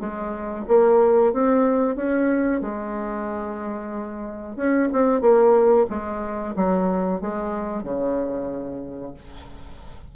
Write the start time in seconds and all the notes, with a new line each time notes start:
0.00 G#3
0.68 A#3
1.33 C4
1.96 C#4
2.61 G#3
4.57 C#4
4.93 C4
5.21 A#3
5.90 G#3
6.56 F#3
7.21 G#3
7.84 C#3